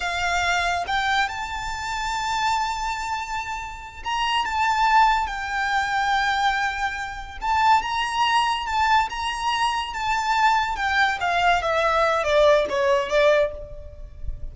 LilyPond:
\new Staff \with { instrumentName = "violin" } { \time 4/4 \tempo 4 = 142 f''2 g''4 a''4~ | a''1~ | a''4. ais''4 a''4.~ | a''8 g''2.~ g''8~ |
g''4. a''4 ais''4.~ | ais''8 a''4 ais''2 a''8~ | a''4. g''4 f''4 e''8~ | e''4 d''4 cis''4 d''4 | }